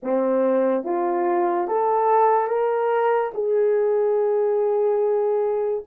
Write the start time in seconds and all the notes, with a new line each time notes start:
0.02 C4
0.84 F4
1.67 A4
2.47 A#4
3.33 G#4